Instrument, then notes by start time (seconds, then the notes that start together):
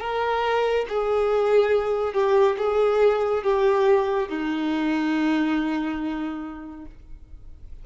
violin
0.00 A#4
0.88 G#4
2.13 G4
2.58 G#4
3.43 G4
4.29 D#4